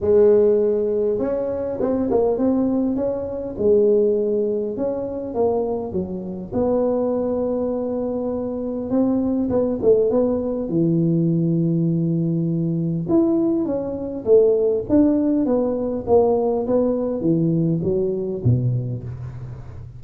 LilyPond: \new Staff \with { instrumentName = "tuba" } { \time 4/4 \tempo 4 = 101 gis2 cis'4 c'8 ais8 | c'4 cis'4 gis2 | cis'4 ais4 fis4 b4~ | b2. c'4 |
b8 a8 b4 e2~ | e2 e'4 cis'4 | a4 d'4 b4 ais4 | b4 e4 fis4 b,4 | }